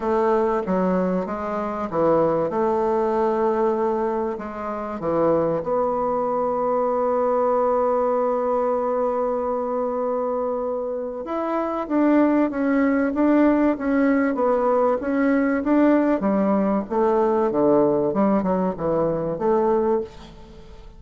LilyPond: \new Staff \with { instrumentName = "bassoon" } { \time 4/4 \tempo 4 = 96 a4 fis4 gis4 e4 | a2. gis4 | e4 b2.~ | b1~ |
b2 e'4 d'4 | cis'4 d'4 cis'4 b4 | cis'4 d'4 g4 a4 | d4 g8 fis8 e4 a4 | }